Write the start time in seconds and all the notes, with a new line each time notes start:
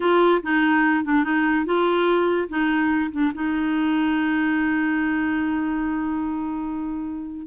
0.00 F4
0.43 D#4
1.04 D4
1.24 D#4
1.65 F4
2.48 D#4
3.11 D4
3.34 D#4